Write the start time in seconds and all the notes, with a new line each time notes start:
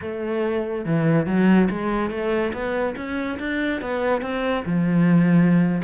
0.01 A3
0.85 E3
1.26 F#3
1.70 G#3
2.10 A3
2.53 B3
2.96 C#4
3.39 D4
3.81 B3
4.21 C4
4.65 F3